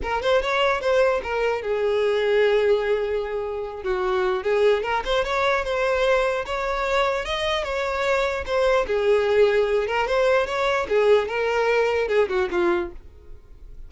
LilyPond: \new Staff \with { instrumentName = "violin" } { \time 4/4 \tempo 4 = 149 ais'8 c''8 cis''4 c''4 ais'4 | gis'1~ | gis'4. fis'4. gis'4 | ais'8 c''8 cis''4 c''2 |
cis''2 dis''4 cis''4~ | cis''4 c''4 gis'2~ | gis'8 ais'8 c''4 cis''4 gis'4 | ais'2 gis'8 fis'8 f'4 | }